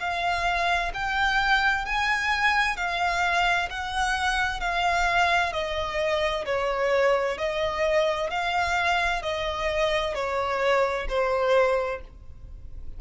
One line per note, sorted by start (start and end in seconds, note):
0.00 0.92 F5
0.94 1.86 G5
1.86 2.77 G#5
2.77 3.69 F5
3.70 4.61 F#5
4.61 5.53 F5
5.53 6.45 D#5
6.46 7.38 C#5
7.38 8.30 D#5
8.31 9.23 F5
9.23 10.15 D#5
10.15 11.07 C#5
11.09 12.01 C5